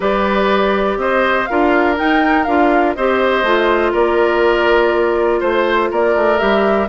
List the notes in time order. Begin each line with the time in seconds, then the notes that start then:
0.00 G3 G4 B4 D5
0.96 C4 C5 D#5
1.45 D4 F4 A#4 F5
1.96 D#4 G5
2.44 D4 F4 F5
2.94 C4 G4 C5 D#5
3.43 A3 F4
3.91 A#3 A#4 D5
5.40 A3 C5
5.91 A#3 A#4 D5
6.15 A3
6.39 G3 G4 E5